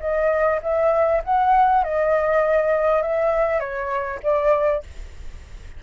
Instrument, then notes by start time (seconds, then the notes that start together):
flute
0.00 D#5
0.62 E5
1.24 F#5
1.84 D#5
3.02 E5
3.59 C#5
4.23 D5